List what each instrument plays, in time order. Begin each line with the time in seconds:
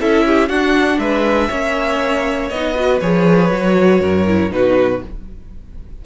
0.00 cello C#4, viola E4, violin A4 E5
0.26 violin G4
0.49 cello D4, viola D4, violin F#4 F#5
0.99 cello G#3, violin B4 E5
1.49 cello A#3, viola C#4, violin C#5
2.49 cello B3, viola D#4, violin D#5
2.75 viola F#4, violin B4
3.01 cello F3, viola G#4, violin C#5
3.51 cello F#3, viola F#4
4.01 cello F#2, violin A#4
4.27 viola E4
4.51 cello B2, viola D#4, violin F#4 B4